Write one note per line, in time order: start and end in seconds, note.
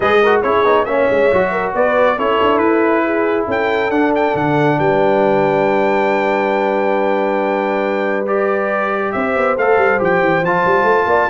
0.00 0.43 G#3
0.00 0.22 G#4
0.00 0.21 B4
0.00 0.41 D#5
0.22 0.44 F#4
0.22 0.43 A#4
0.42 0.64 C#4
0.42 0.65 E4
0.42 0.86 G#4
0.42 0.85 C#5
0.64 0.86 B3
0.64 0.87 D#4
0.85 1.08 A#3
0.85 1.30 C#4
0.85 1.51 C#5
0.85 1.72 E5
1.10 1.31 G#3
1.31 1.74 F#3
1.31 2.17 F#4
1.51 1.73 A#4
1.74 2.17 B3
1.74 2.16 B4
1.74 2.18 D5
2.16 2.39 C#4
2.16 3.91 E4
2.16 3.03 A4
2.16 2.58 C#5
2.41 2.59 D4
2.58 3.45 E4
2.58 3.44 B4
3.04 3.47 G#4
3.47 3.90 C#4
3.47 4.77 A4
3.47 3.90 G5
3.90 4.33 D4
3.90 8.26 D4
3.90 4.12 F#5
4.15 4.36 G5
4.34 4.78 D3
4.34 4.79 F#5
4.78 9.13 G3
4.78 9.14 B4
4.78 8.27 G5
8.26 9.57 G4
8.26 9.12 D5
9.12 9.35 C4
9.12 11.07 C5
9.12 9.55 E5
9.35 9.56 B3
9.56 9.77 A3
9.56 9.98 A4
9.56 10.01 F5
9.77 9.98 G3
9.98 10.21 F3
9.98 10.41 G4
9.98 10.45 G5
10.21 10.42 E3
10.42 10.63 F3
10.42 11.29 F4
10.42 11.29 A5
10.65 10.83 G3
10.83 11.05 A3
11.06 11.27 A#3
11.06 11.29 D5